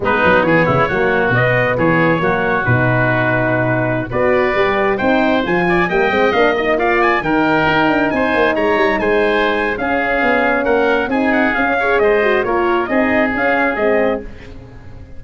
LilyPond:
<<
  \new Staff \with { instrumentName = "trumpet" } { \time 4/4 \tempo 4 = 135 b'4 cis''2 dis''4 | cis''2 b'2~ | b'4~ b'16 d''2 g''8.~ | g''16 gis''4 g''4 f''8 dis''8 f''8 gis''16~ |
gis''16 g''2 gis''4 ais''8.~ | ais''16 gis''4.~ gis''16 f''2 | fis''4 gis''8 fis''8 f''4 dis''4 | cis''4 dis''4 f''4 dis''4 | }
  \new Staff \with { instrumentName = "oboe" } { \time 4/4 dis'4 gis'8 e'8 fis'2 | gis'4 fis'2.~ | fis'4~ fis'16 b'2 c''8.~ | c''8. d''8 dis''2 d''8.~ |
d''16 ais'2 c''4 cis''8.~ | cis''16 c''4.~ c''16 gis'2 | ais'4 gis'4. cis''8 c''4 | ais'4 gis'2. | }
  \new Staff \with { instrumentName = "horn" } { \time 4/4 b2 ais4 b4~ | b4 ais4 dis'2~ | dis'4~ dis'16 fis'4 g'4 dis'8.~ | dis'16 f'4 ais8 c'8 d'8 dis'8 f'8.~ |
f'16 dis'2.~ dis'8.~ | dis'2 cis'2~ | cis'4 dis'4 cis'8 gis'4 fis'8 | f'4 dis'4 cis'4 c'4 | }
  \new Staff \with { instrumentName = "tuba" } { \time 4/4 gis8 fis8 e8 cis8 fis4 b,4 | e4 fis4 b,2~ | b,4~ b,16 b4 g4 c'8.~ | c'16 f4 g8 gis8 ais4.~ ais16~ |
ais16 dis4 dis'8 d'8 c'8 ais8 gis8 g16~ | g16 gis4.~ gis16 cis'4 b4 | ais4 c'4 cis'4 gis4 | ais4 c'4 cis'4 gis4 | }
>>